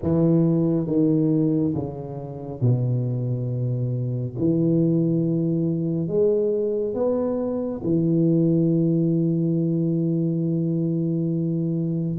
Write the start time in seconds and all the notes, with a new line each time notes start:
0.02 E3
0.86 D#3
1.74 C#3
2.61 B2
4.38 E3
6.07 G#3
6.94 B3
7.83 E3